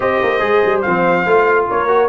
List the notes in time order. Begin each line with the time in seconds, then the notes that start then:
0.00 C4 G4 C5 D#5
0.22 A#3
0.40 G#3 G#4
0.64 G3
0.81 F3 C4 F5
1.25 A3 F4
1.69 A#3 A#4 C#5
1.88 F#4